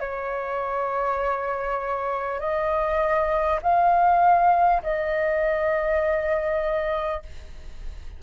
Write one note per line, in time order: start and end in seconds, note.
0.00 2.40 C#5
2.40 3.60 D#5
3.62 4.82 F5
4.83 7.23 D#5